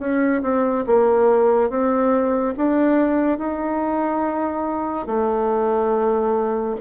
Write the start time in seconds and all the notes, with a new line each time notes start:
0.00 C#4
0.43 C4
0.87 A#3
1.70 C4
2.57 D4
3.39 D#4
5.07 A3